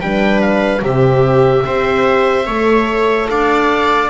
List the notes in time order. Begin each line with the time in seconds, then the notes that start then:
0.00 G3 D4 B4 G5
0.41 F5
0.81 C3 C4 G4 E5
1.64 C4 G4 C5
2.46 A3 A4 C#5
3.29 D4 D5 F5